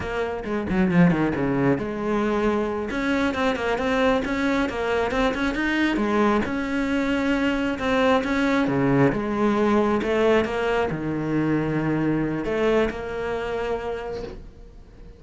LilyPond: \new Staff \with { instrumentName = "cello" } { \time 4/4 \tempo 4 = 135 ais4 gis8 fis8 f8 dis8 cis4 | gis2~ gis8 cis'4 c'8 | ais8 c'4 cis'4 ais4 c'8 | cis'8 dis'4 gis4 cis'4.~ |
cis'4. c'4 cis'4 cis8~ | cis8 gis2 a4 ais8~ | ais8 dis2.~ dis8 | a4 ais2. | }